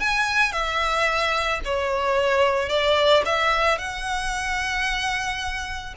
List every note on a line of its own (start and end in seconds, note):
0.00 0.52 G#5
0.52 1.60 E5
1.65 2.69 C#5
2.69 3.23 D5
3.25 3.78 E5
3.78 5.94 F#5